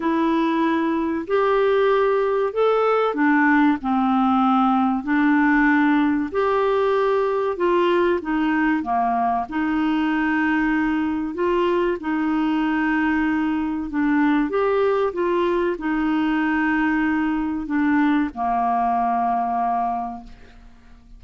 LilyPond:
\new Staff \with { instrumentName = "clarinet" } { \time 4/4 \tempo 4 = 95 e'2 g'2 | a'4 d'4 c'2 | d'2 g'2 | f'4 dis'4 ais4 dis'4~ |
dis'2 f'4 dis'4~ | dis'2 d'4 g'4 | f'4 dis'2. | d'4 ais2. | }